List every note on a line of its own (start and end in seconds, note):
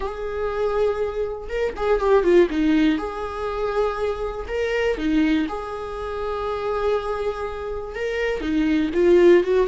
0.00 1.48 G#4
1.48 1.73 A#4
1.76 2.00 G#4
2.00 2.23 G4
2.23 2.48 F4
2.50 2.98 D#4
2.98 4.46 G#4
4.47 4.97 A#4
4.97 5.47 D#4
5.48 7.95 G#4
7.95 8.40 A#4
8.40 8.90 D#4
8.94 9.43 F4
9.43 9.67 F#4